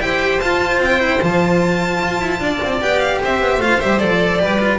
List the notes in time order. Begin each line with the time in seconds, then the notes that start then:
0.00 E4 G4 C5 G5
0.40 F4 A5
0.79 C4
0.85 G5
1.00 E4
1.22 F3 F4 A5
2.03 F4
2.21 E4
2.40 D4 D5
2.63 C4
2.82 B3 G4 G5
2.99 F5
3.22 C4 C5 E5
3.41 B3
3.58 A3 F4 F5
3.81 G3 G4 E5
3.99 F3 A4 D5
4.40 G3 G4 B4
4.60 F4